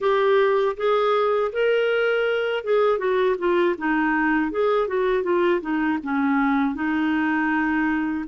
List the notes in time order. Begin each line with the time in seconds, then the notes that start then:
0.00 G4
0.76 G#4
1.52 A#4
2.64 G#4
2.98 F#4
3.38 F4
3.78 D#4
4.51 G#4
4.87 F#4
5.23 F4
5.61 D#4
6.03 C#4
6.74 D#4